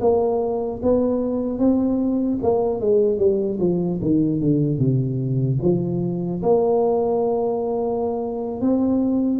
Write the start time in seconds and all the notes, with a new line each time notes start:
0.00 A#3
0.82 B3
1.59 C4
2.42 A#3
2.80 G#3
3.18 G3
3.59 F3
4.01 D#3
4.40 D3
4.78 C3
5.61 F3
6.42 A#3
8.60 C4